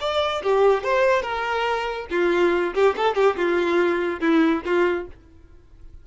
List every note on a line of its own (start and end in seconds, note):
0.00 0.42 D5
0.43 0.83 G4
0.83 1.22 C5
1.22 2.07 A#4
2.10 2.73 F4
2.74 2.95 G4
2.96 3.15 A4
3.15 3.36 G4
3.36 4.20 F4
4.20 4.62 E4
4.65 5.07 F4